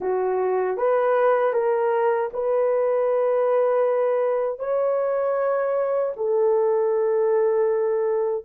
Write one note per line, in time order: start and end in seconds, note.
0.00 0.77 F#4
0.77 1.53 B4
1.53 2.30 A#4
2.33 4.59 B4
4.59 6.13 C#5
6.16 8.44 A4